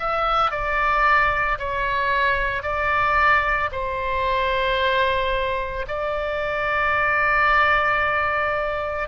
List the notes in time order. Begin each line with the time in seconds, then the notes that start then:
0.00 E5
0.52 D5
1.59 C#5
2.63 D5
3.72 C5
5.88 D5